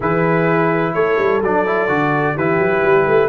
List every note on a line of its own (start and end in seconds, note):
0.00 0.94 E3
0.00 1.42 E4
0.00 0.93 G#4
0.00 0.94 B4
0.94 1.18 A3
0.94 2.34 A4
0.94 1.41 C#5
1.18 1.41 G3
1.41 1.88 F#3
1.41 1.66 D4
1.41 2.37 D5
1.66 1.88 E4
1.88 2.36 D3
1.88 2.35 F#4
2.34 2.59 E3
2.34 3.28 E4
2.34 3.28 G4
2.34 3.28 B4
2.59 2.82 F#3
2.83 3.07 G3
3.07 3.28 A3